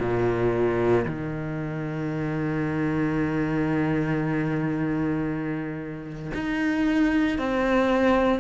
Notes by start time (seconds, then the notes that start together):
0.00 A#2
1.06 D#3
6.34 D#4
7.39 C4